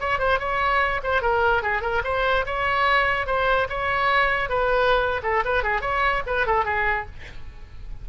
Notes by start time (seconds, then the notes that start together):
0.00 C#5
0.19 C5
0.39 C#5
1.03 C5
1.22 A#4
1.63 G#4
1.82 A#4
2.04 C5
2.46 C#5
3.27 C5
3.69 C#5
4.49 B4
5.23 A4
5.45 B4
5.63 G#4
5.81 C#5
6.27 B4
6.47 A4
6.65 G#4